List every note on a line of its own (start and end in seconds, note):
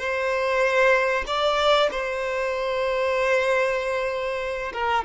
0.00 1.25 C5
1.27 1.90 D5
1.92 4.73 C5
4.74 5.05 A#4